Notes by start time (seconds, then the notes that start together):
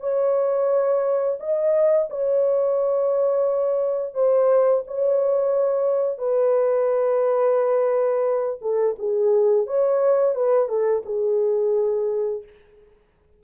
0.00 C#5
1.39 D#5
2.09 C#5
4.14 C5
4.87 C#5
6.18 B4
8.61 A4
8.98 G#4
9.66 C#5
10.35 B4
10.68 A4
11.05 G#4